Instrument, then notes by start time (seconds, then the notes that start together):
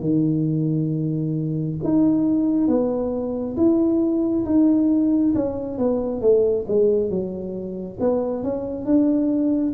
tuba
0.00 D#3
1.83 D#4
2.68 B3
3.57 E4
4.45 D#4
5.35 C#4
5.78 B3
6.21 A3
6.68 G#3
7.09 F#3
8.00 B3
8.43 C#4
8.85 D4